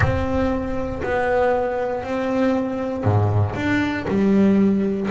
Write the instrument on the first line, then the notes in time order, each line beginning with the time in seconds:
double bass
0.00 C4
1.02 B3
2.03 C4
3.04 G#2
3.55 D4
4.08 G3